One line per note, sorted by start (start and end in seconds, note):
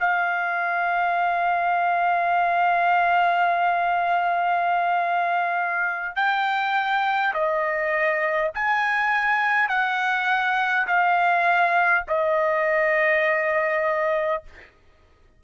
0.00 6.17 F5
6.17 7.34 G5
7.34 8.52 D#5
8.55 9.70 G#5
9.70 10.87 F#5
10.88 12.05 F5
12.09 14.44 D#5